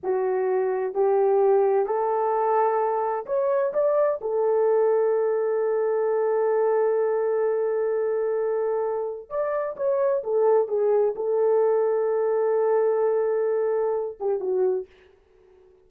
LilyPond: \new Staff \with { instrumentName = "horn" } { \time 4/4 \tempo 4 = 129 fis'2 g'2 | a'2. cis''4 | d''4 a'2.~ | a'1~ |
a'1 | d''4 cis''4 a'4 gis'4 | a'1~ | a'2~ a'8 g'8 fis'4 | }